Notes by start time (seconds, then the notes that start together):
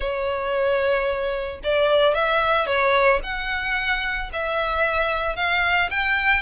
0.00 C#5
1.63 D5
2.14 E5
2.66 C#5
3.23 F#5
4.32 E5
5.35 F5
5.90 G5